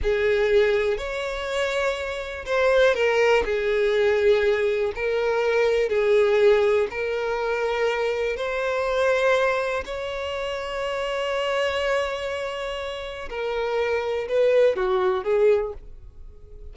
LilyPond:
\new Staff \with { instrumentName = "violin" } { \time 4/4 \tempo 4 = 122 gis'2 cis''2~ | cis''4 c''4 ais'4 gis'4~ | gis'2 ais'2 | gis'2 ais'2~ |
ais'4 c''2. | cis''1~ | cis''2. ais'4~ | ais'4 b'4 fis'4 gis'4 | }